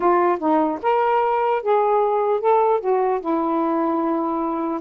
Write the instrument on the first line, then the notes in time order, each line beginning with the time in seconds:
saxophone
0.00 F4
0.39 D#4
0.82 A#4
1.62 G#4
2.40 A4
2.80 F#4
3.20 E4